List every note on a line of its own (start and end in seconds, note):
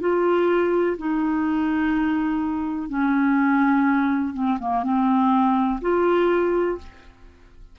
0.00 0.97 F4
0.97 2.89 D#4
2.89 4.33 C#4
4.33 4.57 C4
4.59 4.83 A#3
4.83 5.80 C4
5.81 6.78 F4